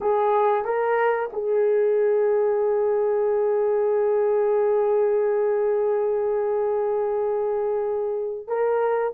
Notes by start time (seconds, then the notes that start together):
0.00 G#4
0.64 A#4
1.33 G#4
8.47 A#4